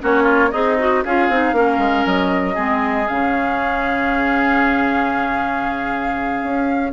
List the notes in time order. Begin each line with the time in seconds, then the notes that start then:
0.00 A#3 C#4 F#4 C#5
0.23 F4
0.51 C4 D#4 G#4 D#5
0.78 F#4
1.04 C#4 F4 G#4 F5
1.28 C4 D#4
1.52 A#3 C#4 A#4
1.78 G#3
2.05 F#3 D#5
2.54 G#3 C4 G#4
3.07 C#3 C#4 F5
6.43 C#4